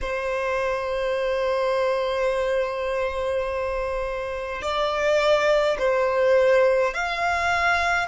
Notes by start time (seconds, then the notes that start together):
0.01 C5
4.62 D5
5.78 C5
6.94 F5